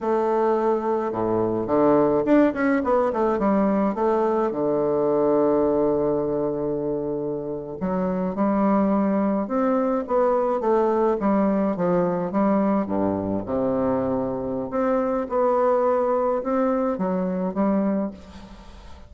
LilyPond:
\new Staff \with { instrumentName = "bassoon" } { \time 4/4 \tempo 4 = 106 a2 a,4 d4 | d'8 cis'8 b8 a8 g4 a4 | d1~ | d4.~ d16 fis4 g4~ g16~ |
g8. c'4 b4 a4 g16~ | g8. f4 g4 g,4 c16~ | c2 c'4 b4~ | b4 c'4 fis4 g4 | }